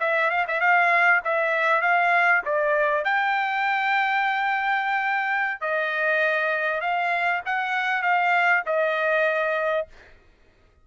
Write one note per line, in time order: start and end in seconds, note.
0.00 0.30 E5
0.30 0.45 F5
0.48 0.60 E5
0.60 1.21 F5
1.24 1.81 E5
1.81 2.42 F5
2.45 3.04 D5
3.04 5.61 G5
5.61 6.80 D#5
6.80 7.41 F5
7.45 8.02 F#5
8.02 8.63 F5
8.66 9.87 D#5